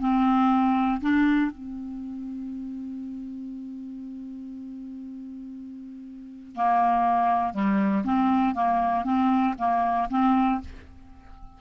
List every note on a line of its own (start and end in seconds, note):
0.00 1.01 C4
1.01 1.51 D4
1.51 6.55 C4
6.55 7.54 A#3
7.54 8.04 G3
8.04 8.55 C4
8.55 9.04 A#3
9.04 9.55 C4
9.58 10.09 A#3
10.10 10.60 C4